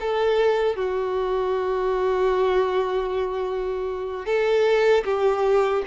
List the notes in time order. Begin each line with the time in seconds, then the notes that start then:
0.00 A4
0.75 F#4
4.26 A4
5.04 G4